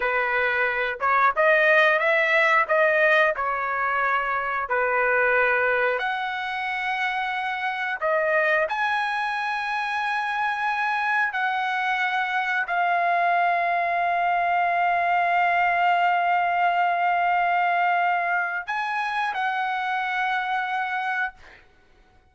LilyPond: \new Staff \with { instrumentName = "trumpet" } { \time 4/4 \tempo 4 = 90 b'4. cis''8 dis''4 e''4 | dis''4 cis''2 b'4~ | b'4 fis''2. | dis''4 gis''2.~ |
gis''4 fis''2 f''4~ | f''1~ | f''1 | gis''4 fis''2. | }